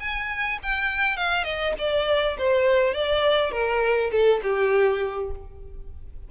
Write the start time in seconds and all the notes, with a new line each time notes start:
0.00 G#5
0.63 G5
1.17 F5
1.44 D#5
1.78 D5
2.38 C5
2.94 D5
3.52 A#4
4.11 A4
4.43 G4